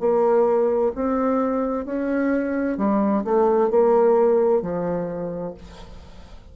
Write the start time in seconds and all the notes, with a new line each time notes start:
0.00 A#3
0.95 C4
1.86 C#4
2.78 G3
3.25 A3
3.70 A#3
4.62 F3